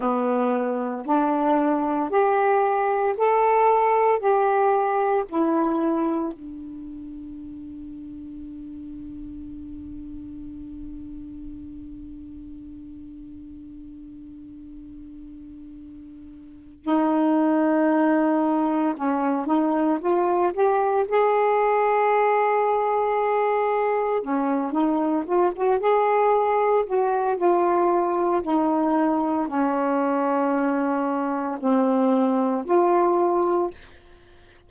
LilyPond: \new Staff \with { instrumentName = "saxophone" } { \time 4/4 \tempo 4 = 57 b4 d'4 g'4 a'4 | g'4 e'4 d'2~ | d'1~ | d'1 |
dis'2 cis'8 dis'8 f'8 g'8 | gis'2. cis'8 dis'8 | f'16 fis'16 gis'4 fis'8 f'4 dis'4 | cis'2 c'4 f'4 | }